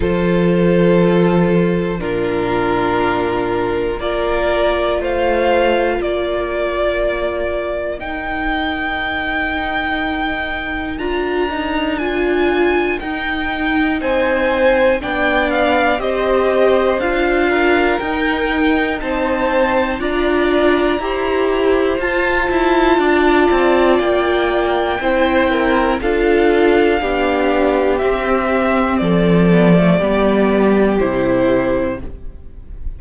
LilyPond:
<<
  \new Staff \with { instrumentName = "violin" } { \time 4/4 \tempo 4 = 60 c''2 ais'2 | d''4 f''4 d''2 | g''2. ais''4 | gis''4 g''4 gis''4 g''8 f''8 |
dis''4 f''4 g''4 a''4 | ais''2 a''2 | g''2 f''2 | e''4 d''2 c''4 | }
  \new Staff \with { instrumentName = "violin" } { \time 4/4 a'2 f'2 | ais'4 c''4 ais'2~ | ais'1~ | ais'2 c''4 d''4 |
c''4. ais'4. c''4 | d''4 c''2 d''4~ | d''4 c''8 ais'8 a'4 g'4~ | g'4 a'4 g'2 | }
  \new Staff \with { instrumentName = "viola" } { \time 4/4 f'2 d'2 | f'1 | dis'2. f'8 dis'8 | f'4 dis'2 d'4 |
g'4 f'4 dis'2 | f'4 g'4 f'2~ | f'4 e'4 f'4 d'4 | c'4. b16 a16 b4 e'4 | }
  \new Staff \with { instrumentName = "cello" } { \time 4/4 f2 ais,2 | ais4 a4 ais2 | dis'2. d'4~ | d'4 dis'4 c'4 b4 |
c'4 d'4 dis'4 c'4 | d'4 e'4 f'8 e'8 d'8 c'8 | ais4 c'4 d'4 b4 | c'4 f4 g4 c4 | }
>>